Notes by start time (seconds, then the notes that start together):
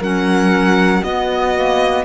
0.00 F#3 C#4 A#4 F#5
1.01 B3 F#4 D#5
1.54 A#3